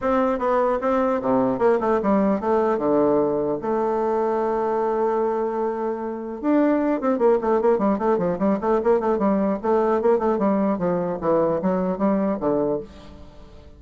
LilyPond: \new Staff \with { instrumentName = "bassoon" } { \time 4/4 \tempo 4 = 150 c'4 b4 c'4 c4 | ais8 a8 g4 a4 d4~ | d4 a2.~ | a1 |
d'4. c'8 ais8 a8 ais8 g8 | a8 f8 g8 a8 ais8 a8 g4 | a4 ais8 a8 g4 f4 | e4 fis4 g4 d4 | }